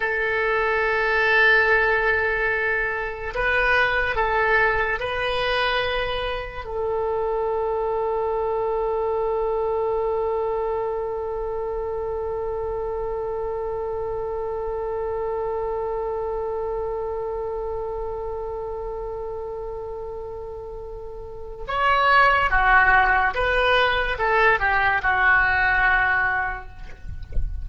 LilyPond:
\new Staff \with { instrumentName = "oboe" } { \time 4/4 \tempo 4 = 72 a'1 | b'4 a'4 b'2 | a'1~ | a'1~ |
a'1~ | a'1~ | a'2 cis''4 fis'4 | b'4 a'8 g'8 fis'2 | }